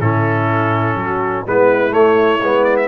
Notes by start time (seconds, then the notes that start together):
0.00 A2 C#4 E4 A4
0.95 F#3 F#4
1.46 G#3 B3 E4 B4
1.91 A3 C#5
2.41 G#3 B3
2.64 D5
2.77 E5